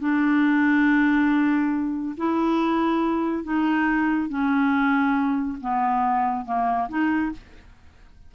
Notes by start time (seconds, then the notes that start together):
0.00 D4
2.17 E4
3.44 D#4
4.29 C#4
5.61 B3
6.46 A#3
6.89 D#4